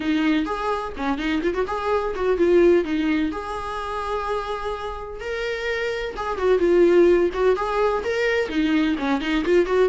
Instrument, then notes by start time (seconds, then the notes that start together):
viola
0.00 D#4
0.45 G#4
0.96 C#4
1.17 D#4
1.42 F4
1.54 F#4
1.67 G#4
2.15 F#4
2.37 F4
2.84 D#4
3.31 G#4
5.20 A#4
6.16 G#4
6.38 F#4
6.59 F4
7.33 F#4
7.55 G#4
8.04 A#4
8.48 D#4
8.98 C#4
9.20 D#4
9.44 F4
9.66 F#4